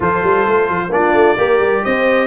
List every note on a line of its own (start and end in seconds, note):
0.00 0.23 F3
0.00 0.89 F4
0.00 0.88 A4
0.00 0.92 C5
0.23 0.46 G3
0.46 0.69 A3
0.69 0.89 F3
0.89 1.12 A#3
0.89 1.37 D4
0.89 1.37 F4
0.89 1.84 D5
1.12 1.35 A3
1.37 1.60 A#3
1.37 2.27 G4
1.37 1.83 A#4
1.60 1.83 G3
1.84 2.27 C4
1.84 2.27 C5
1.84 2.27 D#5